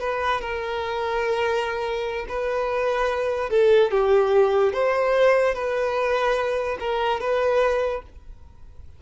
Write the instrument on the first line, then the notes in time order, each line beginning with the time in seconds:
violin
0.00 B4
0.41 A#4
2.29 B4
3.50 A4
3.91 G4
4.73 C5
5.55 B4
6.80 A#4
7.20 B4